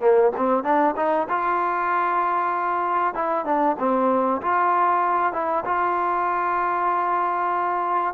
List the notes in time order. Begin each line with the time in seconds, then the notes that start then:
0.00 A#3
0.36 C4
0.63 D4
0.96 D#4
1.28 F4
3.14 E4
3.45 D4
3.78 C4
4.41 F4
5.32 E4
5.65 F4